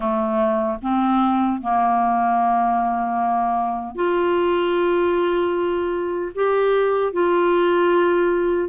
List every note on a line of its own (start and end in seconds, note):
0.00 0.78 A3
0.82 1.61 C4
1.61 3.95 A#3
3.95 6.32 F4
6.34 7.13 G4
7.13 8.68 F4